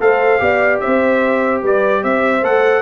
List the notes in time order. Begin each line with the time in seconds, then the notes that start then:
0.00 A3 A4 C5 F5
0.39 B3 G4 D5
0.80 C4 C5 E5
1.62 G3 B4 D5
2.03 C4 C5 E5
2.43 A3 A4 F#5